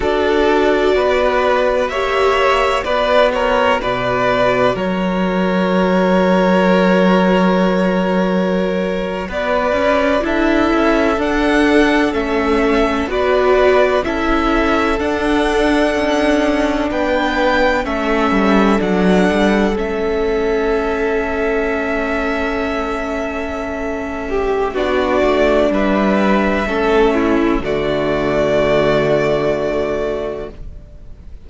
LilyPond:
<<
  \new Staff \with { instrumentName = "violin" } { \time 4/4 \tempo 4 = 63 d''2 e''4 d''8 cis''8 | d''4 cis''2.~ | cis''4.~ cis''16 d''4 e''4 fis''16~ | fis''8. e''4 d''4 e''4 fis''16~ |
fis''4.~ fis''16 g''4 e''4 fis''16~ | fis''8. e''2.~ e''16~ | e''2 d''4 e''4~ | e''4 d''2. | }
  \new Staff \with { instrumentName = "violin" } { \time 4/4 a'4 b'4 cis''4 b'8 ais'8 | b'4 ais'2.~ | ais'4.~ ais'16 b'4 a'4~ a'16~ | a'4.~ a'16 b'4 a'4~ a'16~ |
a'4.~ a'16 b'4 a'4~ a'16~ | a'1~ | a'4. g'8 fis'4 b'4 | a'8 e'8 fis'2. | }
  \new Staff \with { instrumentName = "viola" } { \time 4/4 fis'2 g'4 fis'4~ | fis'1~ | fis'2~ fis'8. e'4 d'16~ | d'8. cis'4 fis'4 e'4 d'16~ |
d'2~ d'8. cis'4 d'16~ | d'8. cis'2.~ cis'16~ | cis'2 d'2 | cis'4 a2. | }
  \new Staff \with { instrumentName = "cello" } { \time 4/4 d'4 b4 ais4 b4 | b,4 fis2.~ | fis4.~ fis16 b8 cis'8 d'8 cis'8 d'16~ | d'8. a4 b4 cis'4 d'16~ |
d'8. cis'4 b4 a8 g8 fis16~ | fis16 g8 a2.~ a16~ | a2 b8 a8 g4 | a4 d2. | }
>>